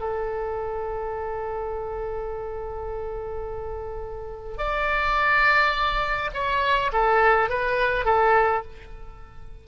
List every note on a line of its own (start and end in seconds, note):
0.00 4.57 A4
4.57 6.30 D5
6.34 6.91 C#5
6.93 7.49 A4
7.49 8.05 B4
8.05 8.62 A4